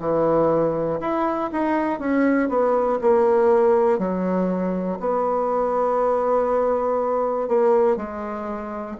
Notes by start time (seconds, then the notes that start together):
0.00 E3
1.00 E4
1.52 D#4
2.00 C#4
2.50 B3
3.01 A#3
3.99 F#3
5.00 B3
7.48 A#3
7.97 G#3